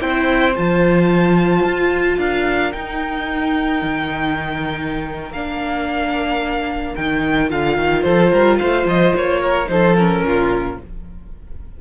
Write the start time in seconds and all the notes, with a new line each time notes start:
0.00 C4 E4 C5 G5
0.55 F3 F4 A5
1.65 F4
2.17 D4 A#4 F5
2.73 D#4 G5
3.82 D#3
5.31 A#3 D4 F5
6.95 D#3 D#4 G5
7.50 D3 F4 F5
7.77 D#3
8.02 F3 A4 C5
8.32 G3 A#4
8.59 A3 C5 F5
8.85 F3 D#5
9.15 A#3 C#5
9.41 A#4
9.66 F3 D#4 A4 C5
9.97 C#4 A#4
10.23 A#2 F4